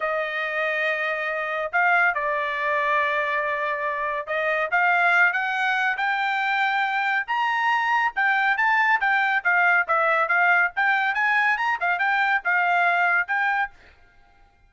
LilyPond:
\new Staff \with { instrumentName = "trumpet" } { \time 4/4 \tempo 4 = 140 dis''1 | f''4 d''2.~ | d''2 dis''4 f''4~ | f''8 fis''4. g''2~ |
g''4 ais''2 g''4 | a''4 g''4 f''4 e''4 | f''4 g''4 gis''4 ais''8 f''8 | g''4 f''2 g''4 | }